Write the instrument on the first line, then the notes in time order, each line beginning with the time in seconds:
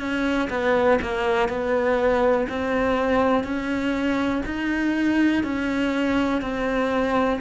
cello
0.00 C#4
0.51 B3
1.02 A#3
1.49 B3
2.49 C4
3.44 C#4
4.47 D#4
5.44 C#4
6.42 C4